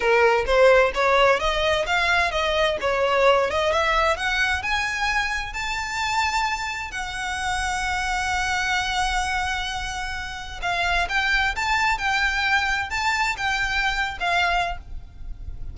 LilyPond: \new Staff \with { instrumentName = "violin" } { \time 4/4 \tempo 4 = 130 ais'4 c''4 cis''4 dis''4 | f''4 dis''4 cis''4. dis''8 | e''4 fis''4 gis''2 | a''2. fis''4~ |
fis''1~ | fis''2. f''4 | g''4 a''4 g''2 | a''4 g''4.~ g''16 f''4~ f''16 | }